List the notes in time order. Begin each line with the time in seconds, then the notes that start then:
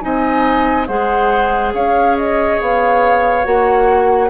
0.00 C4 D#4 D#5 G#5
0.87 G#3 G#4 C5 F#5
1.73 C#4 C#5 F5
2.17 D#5
2.60 B3 F5
3.44 A#3 F#4 F#5